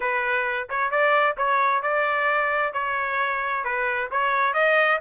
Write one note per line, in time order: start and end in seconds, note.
0.00 0.68 B4
0.69 0.90 C#5
0.90 1.36 D5
1.37 1.82 C#5
1.82 2.73 D5
2.73 3.64 C#5
3.64 4.09 B4
4.11 4.53 C#5
4.53 4.99 D#5